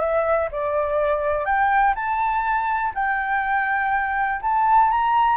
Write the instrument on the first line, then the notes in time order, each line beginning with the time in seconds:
flute
0.00 E5
0.52 D5
1.45 G5
1.95 A5
2.95 G5
4.42 A5
4.90 A#5